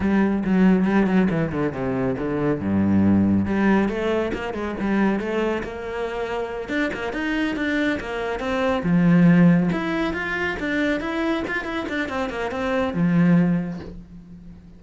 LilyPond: \new Staff \with { instrumentName = "cello" } { \time 4/4 \tempo 4 = 139 g4 fis4 g8 fis8 e8 d8 | c4 d4 g,2 | g4 a4 ais8 gis8 g4 | a4 ais2~ ais8 d'8 |
ais8 dis'4 d'4 ais4 c'8~ | c'8 f2 e'4 f'8~ | f'8 d'4 e'4 f'8 e'8 d'8 | c'8 ais8 c'4 f2 | }